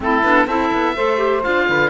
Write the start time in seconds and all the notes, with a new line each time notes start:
0.00 A3 C4 E4 A4
0.23 B3 D4
0.46 C4 E4 A4 E5
0.73 B3
0.95 A3 A4 C5
1.17 G4
1.43 D4 F4 F5
1.68 D3 B4